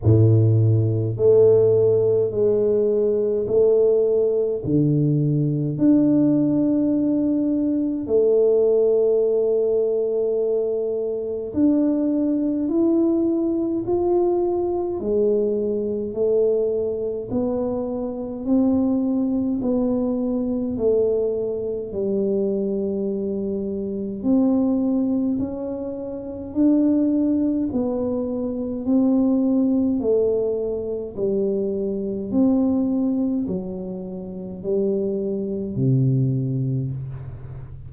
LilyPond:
\new Staff \with { instrumentName = "tuba" } { \time 4/4 \tempo 4 = 52 a,4 a4 gis4 a4 | d4 d'2 a4~ | a2 d'4 e'4 | f'4 gis4 a4 b4 |
c'4 b4 a4 g4~ | g4 c'4 cis'4 d'4 | b4 c'4 a4 g4 | c'4 fis4 g4 c4 | }